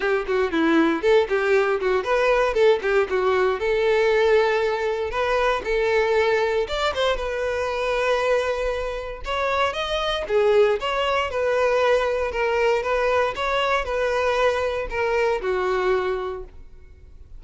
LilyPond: \new Staff \with { instrumentName = "violin" } { \time 4/4 \tempo 4 = 117 g'8 fis'8 e'4 a'8 g'4 fis'8 | b'4 a'8 g'8 fis'4 a'4~ | a'2 b'4 a'4~ | a'4 d''8 c''8 b'2~ |
b'2 cis''4 dis''4 | gis'4 cis''4 b'2 | ais'4 b'4 cis''4 b'4~ | b'4 ais'4 fis'2 | }